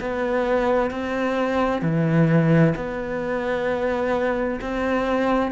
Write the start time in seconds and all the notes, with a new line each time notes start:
0.00 B3
0.91 C4
1.82 E3
2.75 B3
4.61 C4